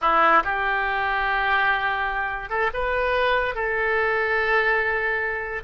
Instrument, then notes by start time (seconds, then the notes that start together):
oboe
0.01 E4
0.44 G4
2.49 A4
2.73 B4
3.54 A4